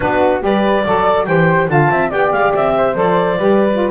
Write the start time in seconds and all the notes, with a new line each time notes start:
0.00 B3 D4 F#4 B4
0.40 G3 G4 B4 D5
0.84 F#3 A4 D5
1.25 E3 G4 C5 G5
1.68 D3 F4 F5 A5
1.90 C4 E5
2.10 B3 G4 D5 G5
2.31 G#3 F5
2.54 C4 E5
2.77 C5
2.94 F3 A4 D5
3.38 G3 G4 B4
3.72 F4